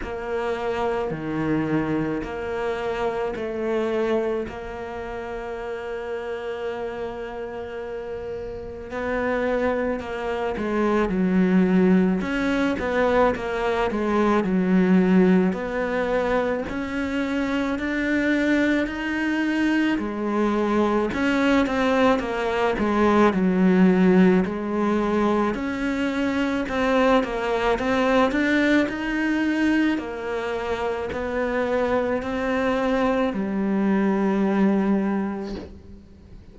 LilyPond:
\new Staff \with { instrumentName = "cello" } { \time 4/4 \tempo 4 = 54 ais4 dis4 ais4 a4 | ais1 | b4 ais8 gis8 fis4 cis'8 b8 | ais8 gis8 fis4 b4 cis'4 |
d'4 dis'4 gis4 cis'8 c'8 | ais8 gis8 fis4 gis4 cis'4 | c'8 ais8 c'8 d'8 dis'4 ais4 | b4 c'4 g2 | }